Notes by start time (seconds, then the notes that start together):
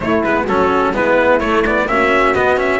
0.00 A3 E4 C#5
0.23 G#3 B3 B4
0.43 F#3 C#4 F#4 A4
0.92 G#3 B3 E4 B4
1.38 A3 C#5
1.66 B3 D5
1.86 A#3 C#4 F#4 E5
2.34 B3 D#5
2.57 C#4 E5